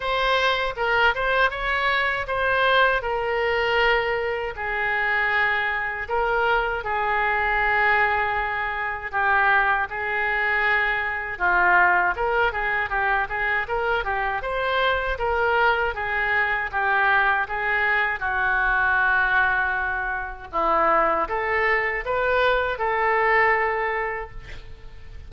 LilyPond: \new Staff \with { instrumentName = "oboe" } { \time 4/4 \tempo 4 = 79 c''4 ais'8 c''8 cis''4 c''4 | ais'2 gis'2 | ais'4 gis'2. | g'4 gis'2 f'4 |
ais'8 gis'8 g'8 gis'8 ais'8 g'8 c''4 | ais'4 gis'4 g'4 gis'4 | fis'2. e'4 | a'4 b'4 a'2 | }